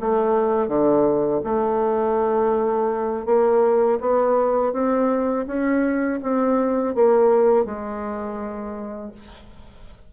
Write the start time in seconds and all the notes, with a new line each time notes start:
0.00 A3
0.68 D3
1.44 A3
3.26 A#3
4.00 B3
4.73 C4
5.47 C#4
6.23 C4
6.95 A#3
7.65 G#3